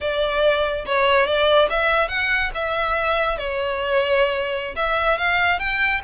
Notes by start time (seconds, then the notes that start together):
0.00 D5
0.86 C#5
1.26 D5
1.70 E5
2.08 F#5
2.54 E5
3.37 C#5
4.75 E5
5.18 F5
5.59 G5